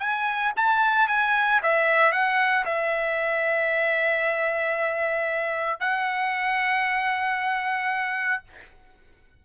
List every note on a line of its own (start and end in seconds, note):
0.00 0.53 G#5
0.56 1.08 A5
1.08 1.61 G#5
1.63 2.12 E5
2.12 2.65 F#5
2.65 5.80 E5
5.80 8.43 F#5